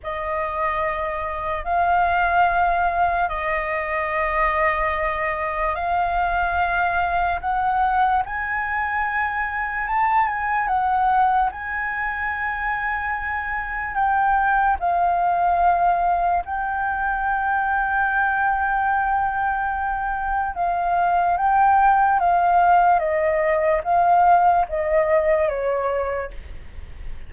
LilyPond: \new Staff \with { instrumentName = "flute" } { \time 4/4 \tempo 4 = 73 dis''2 f''2 | dis''2. f''4~ | f''4 fis''4 gis''2 | a''8 gis''8 fis''4 gis''2~ |
gis''4 g''4 f''2 | g''1~ | g''4 f''4 g''4 f''4 | dis''4 f''4 dis''4 cis''4 | }